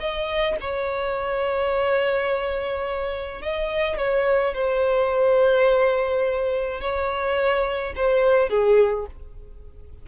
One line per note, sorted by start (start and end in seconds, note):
0.00 0.57 D#5
0.61 3.42 C#5
3.42 3.98 D#5
3.98 4.54 C#5
4.54 6.81 C5
6.81 7.94 C#5
7.96 8.50 C5
8.50 9.07 G#4